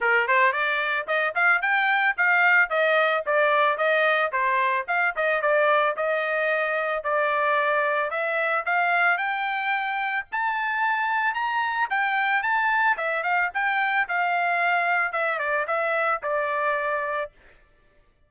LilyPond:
\new Staff \with { instrumentName = "trumpet" } { \time 4/4 \tempo 4 = 111 ais'8 c''8 d''4 dis''8 f''8 g''4 | f''4 dis''4 d''4 dis''4 | c''4 f''8 dis''8 d''4 dis''4~ | dis''4 d''2 e''4 |
f''4 g''2 a''4~ | a''4 ais''4 g''4 a''4 | e''8 f''8 g''4 f''2 | e''8 d''8 e''4 d''2 | }